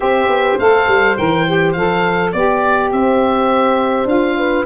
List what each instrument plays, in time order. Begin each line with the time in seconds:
0.00 tuba C4, saxophone G4, horn C5, oboe E5
0.27 tuba B3
0.58 tuba A3, saxophone A4, oboe F5
0.88 tuba G3
1.17 tuba E3, saxophone A#4, oboe G5
1.46 saxophone G4
1.73 tuba F3, saxophone A4, oboe F5
2.31 tuba B3, saxophone G4, horn D5, oboe D5
2.92 tuba C4, horn C5, oboe E5
4.05 tuba D4, saxophone F4, oboe F5
4.37 horn B4